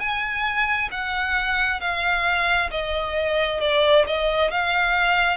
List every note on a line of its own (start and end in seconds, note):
0.00 0.90 G#5
0.92 1.81 F#5
1.81 2.70 F5
2.71 3.61 D#5
3.61 4.06 D5
4.07 4.51 D#5
4.51 5.37 F5